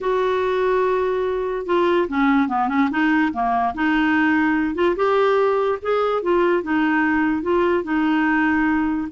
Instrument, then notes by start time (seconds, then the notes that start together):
clarinet
0.01 F#4
1.66 F4
2.08 C#4
2.48 B3
2.68 C#4
2.90 D#4
3.32 A#3
3.74 D#4
4.75 F4
4.96 G4
5.82 G#4
6.22 F4
6.62 D#4
7.42 F4
7.83 D#4